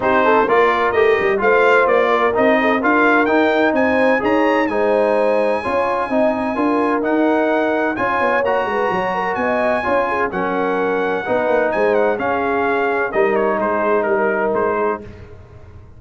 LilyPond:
<<
  \new Staff \with { instrumentName = "trumpet" } { \time 4/4 \tempo 4 = 128 c''4 d''4 dis''4 f''4 | d''4 dis''4 f''4 g''4 | gis''4 ais''4 gis''2~ | gis''2. fis''4~ |
fis''4 gis''4 ais''2 | gis''2 fis''2~ | fis''4 gis''8 fis''8 f''2 | dis''8 cis''8 c''4 ais'4 c''4 | }
  \new Staff \with { instrumentName = "horn" } { \time 4/4 g'8 a'8 ais'2 c''4~ | c''8 ais'4 a'8 ais'2 | c''4 cis''4 c''2 | cis''4 dis''4 ais'2~ |
ais'4 cis''4. b'8 cis''8 ais'8 | dis''4 cis''8 gis'8 ais'2 | b'4 c''4 gis'2 | ais'4 gis'4 ais'4. gis'8 | }
  \new Staff \with { instrumentName = "trombone" } { \time 4/4 dis'4 f'4 g'4 f'4~ | f'4 dis'4 f'4 dis'4~ | dis'4 gis'4 dis'2 | f'4 dis'4 f'4 dis'4~ |
dis'4 f'4 fis'2~ | fis'4 f'4 cis'2 | dis'2 cis'2 | dis'1 | }
  \new Staff \with { instrumentName = "tuba" } { \time 4/4 c'4 ais4 a8 g8 a4 | ais4 c'4 d'4 dis'4 | c'4 dis'4 gis2 | cis'4 c'4 d'4 dis'4~ |
dis'4 cis'8 b8 ais8 gis8 fis4 | b4 cis'4 fis2 | b8 ais8 gis4 cis'2 | g4 gis4 g4 gis4 | }
>>